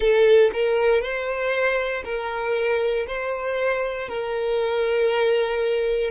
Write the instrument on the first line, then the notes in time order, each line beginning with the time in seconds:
violin
0.00 A4
0.53 A#4
1.01 C5
2.04 A#4
3.07 C5
4.08 A#4